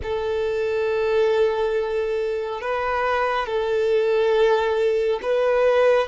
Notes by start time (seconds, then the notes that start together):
0.02 A4
2.61 B4
3.46 A4
5.22 B4